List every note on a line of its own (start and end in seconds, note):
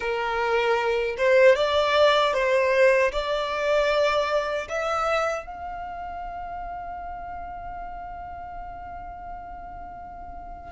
0.00 1.16 A#4
1.17 1.55 C5
1.55 2.33 D5
2.33 3.11 C5
3.12 4.68 D5
4.68 5.46 E5
5.46 10.71 F5